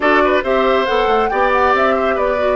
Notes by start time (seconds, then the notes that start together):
0.00 D4 F#4 A4 D5
0.24 B4
0.43 C4 G4 C5 E5
0.86 B3 A4 F#5
1.07 A3
1.29 B3 G4 D5 G5
1.52 F#5
1.73 C4 E5
1.95 C5
2.14 B3 B4 D5
2.38 F#4